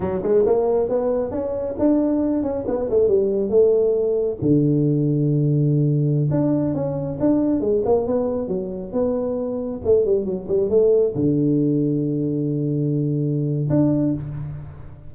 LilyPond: \new Staff \with { instrumentName = "tuba" } { \time 4/4 \tempo 4 = 136 fis8 gis8 ais4 b4 cis'4 | d'4. cis'8 b8 a8 g4 | a2 d2~ | d2~ d16 d'4 cis'8.~ |
cis'16 d'4 gis8 ais8 b4 fis8.~ | fis16 b2 a8 g8 fis8 g16~ | g16 a4 d2~ d8.~ | d2. d'4 | }